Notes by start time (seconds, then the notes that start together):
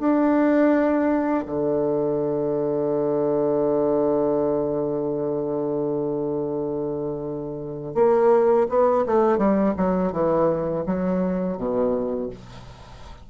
0.00 D4
1.47 D3
7.95 A#3
8.69 B3
9.07 A3
9.38 G3
9.77 F#3
10.13 E3
10.87 F#3
11.58 B2